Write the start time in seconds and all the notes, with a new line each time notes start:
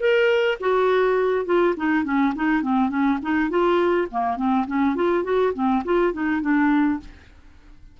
0.00 A#4
0.60 F#4
1.45 F4
1.77 D#4
2.04 C#4
2.36 D#4
2.62 C4
2.90 C#4
3.23 D#4
3.50 F4
4.11 A#3
4.37 C4
4.67 C#4
4.95 F4
5.24 F#4
5.54 C4
5.85 F4
6.13 D#4
6.42 D4